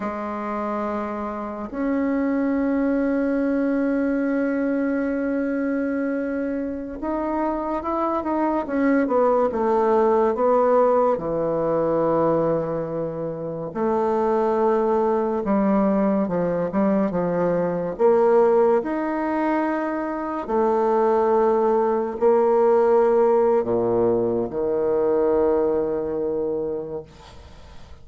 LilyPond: \new Staff \with { instrumentName = "bassoon" } { \time 4/4 \tempo 4 = 71 gis2 cis'2~ | cis'1~ | cis'16 dis'4 e'8 dis'8 cis'8 b8 a8.~ | a16 b4 e2~ e8.~ |
e16 a2 g4 f8 g16~ | g16 f4 ais4 dis'4.~ dis'16~ | dis'16 a2 ais4.~ ais16 | ais,4 dis2. | }